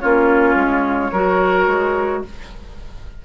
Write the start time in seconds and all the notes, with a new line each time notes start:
0.00 A#3 C#4 F4 C#5
0.55 G#3
1.12 F#3 F#4 A#4
1.67 G#3